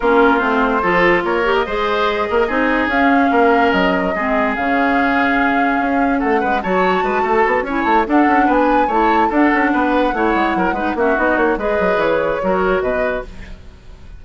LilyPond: <<
  \new Staff \with { instrumentName = "flute" } { \time 4/4 \tempo 4 = 145 ais'4 c''2 cis''8. dis''16~ | dis''2. f''4~ | f''4 dis''2 f''4~ | f''2. fis''4 |
a''2~ a''8 gis''8 a''8 fis''8~ | fis''8 gis''4 a''4 fis''4.~ | fis''2~ fis''8 e''8 dis''8 cis''8 | dis''4 cis''2 dis''4 | }
  \new Staff \with { instrumentName = "oboe" } { \time 4/4 f'2 a'4 ais'4 | c''4. ais'8 gis'2 | ais'2 gis'2~ | gis'2. a'8 b'8 |
cis''4 b'8 a'4 cis''4 a'8~ | a'8 b'4 cis''4 a'4 b'8~ | b'8 cis''4 ais'8 b'8 fis'4. | b'2 ais'4 b'4 | }
  \new Staff \with { instrumentName = "clarinet" } { \time 4/4 cis'4 c'4 f'4. g'8 | gis'2 dis'4 cis'4~ | cis'2 c'4 cis'4~ | cis'1 |
fis'2~ fis'8 e'4 d'8~ | d'4. e'4 d'4.~ | d'8 e'4. dis'8 cis'8 dis'4 | gis'2 fis'2 | }
  \new Staff \with { instrumentName = "bassoon" } { \time 4/4 ais4 a4 f4 ais4 | gis4. ais8 c'4 cis'4 | ais4 fis4 gis4 cis4~ | cis2 cis'4 a8 gis8 |
fis4 gis8 a8 b8 cis'8 a8 d'8 | cis'8 b4 a4 d'8 cis'8 b8~ | b8 a8 gis8 fis8 gis8 ais8 b8 ais8 | gis8 fis8 e4 fis4 b,4 | }
>>